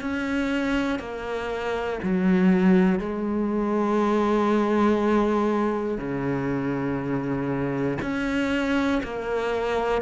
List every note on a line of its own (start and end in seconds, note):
0.00 0.99 C#4
0.99 1.99 A#3
2.02 2.99 F#3
2.99 5.98 G#3
5.98 7.98 C#3
8.01 9.01 C#4
9.03 10.01 A#3